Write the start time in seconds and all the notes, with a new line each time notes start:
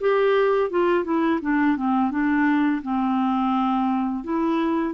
0.00 G4
0.70 F4
1.04 E4
1.41 D4
1.76 C4
2.11 D4
2.82 C4
4.24 E4